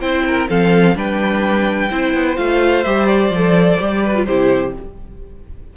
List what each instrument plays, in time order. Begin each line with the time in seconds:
0.00 cello C4, viola E4, violin C5 G5
0.27 violin A#4
0.48 cello F3, viola C4, violin A4 F5
0.94 cello G3, viola D4, violin B4 G5
1.89 cello C4, viola E4, violin C5
2.13 cello B3
2.36 cello A3, viola F4, violin F5
2.83 cello G3, viola G4, violin E5
3.06 violin D5
3.30 cello F3, viola A4
3.79 cello G3, viola G4
4.03 violin B4
4.14 viola F4
4.25 cello C3, viola E4, violin G4 C5